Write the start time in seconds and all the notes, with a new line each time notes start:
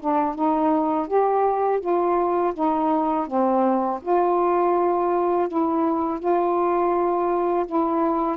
0.00 D4
0.35 D#4
1.08 G4
1.81 F4
2.54 D#4
3.27 C4
4.02 F4
5.48 E4
6.20 F4
7.67 E4